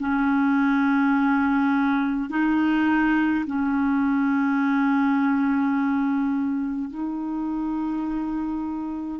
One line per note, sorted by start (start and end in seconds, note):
0.00 2.30 C#4
2.30 3.45 D#4
3.47 6.90 C#4
6.90 9.20 D#4